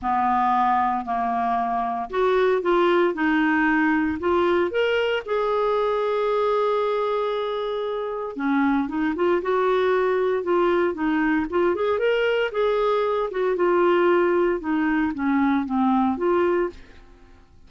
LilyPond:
\new Staff \with { instrumentName = "clarinet" } { \time 4/4 \tempo 4 = 115 b2 ais2 | fis'4 f'4 dis'2 | f'4 ais'4 gis'2~ | gis'1 |
cis'4 dis'8 f'8 fis'2 | f'4 dis'4 f'8 gis'8 ais'4 | gis'4. fis'8 f'2 | dis'4 cis'4 c'4 f'4 | }